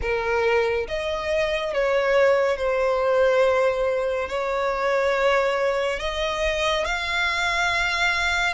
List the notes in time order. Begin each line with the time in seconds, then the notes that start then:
0.01 A#4
0.88 D#5
1.73 C#5
2.57 C5
4.29 C#5
5.99 D#5
6.85 F5